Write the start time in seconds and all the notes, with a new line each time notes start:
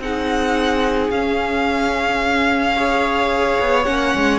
0.00 C4 D#4 G#4 F#5
1.11 C#4 F5
2.76 G#4 C#5
3.60 B3
3.84 A#3 C#4 F#5
4.16 G#3